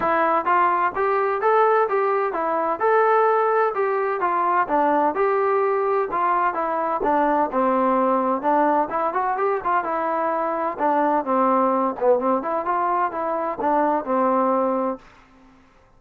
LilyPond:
\new Staff \with { instrumentName = "trombone" } { \time 4/4 \tempo 4 = 128 e'4 f'4 g'4 a'4 | g'4 e'4 a'2 | g'4 f'4 d'4 g'4~ | g'4 f'4 e'4 d'4 |
c'2 d'4 e'8 fis'8 | g'8 f'8 e'2 d'4 | c'4. b8 c'8 e'8 f'4 | e'4 d'4 c'2 | }